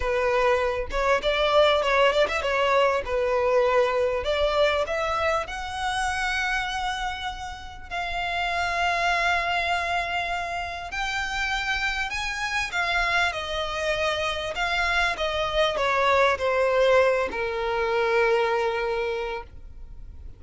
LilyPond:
\new Staff \with { instrumentName = "violin" } { \time 4/4 \tempo 4 = 99 b'4. cis''8 d''4 cis''8 d''16 e''16 | cis''4 b'2 d''4 | e''4 fis''2.~ | fis''4 f''2.~ |
f''2 g''2 | gis''4 f''4 dis''2 | f''4 dis''4 cis''4 c''4~ | c''8 ais'2.~ ais'8 | }